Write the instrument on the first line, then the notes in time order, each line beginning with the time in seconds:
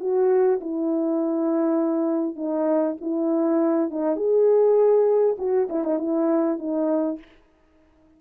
horn
0.00 F#4
0.61 E4
2.36 D#4
3.01 E4
3.91 D#4
4.17 G#4
5.39 F#4
5.70 E4
5.85 D#4
5.99 E4
6.59 D#4